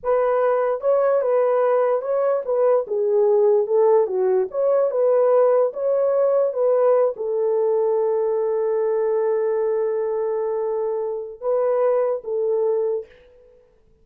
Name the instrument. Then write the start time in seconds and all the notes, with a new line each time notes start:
horn
0.03 B4
0.80 C#5
1.21 B4
2.01 C#5
2.45 B4
2.87 G#4
3.66 A4
4.06 F#4
4.50 C#5
4.91 B4
5.73 C#5
6.53 B4
7.16 A4
11.40 B4
12.24 A4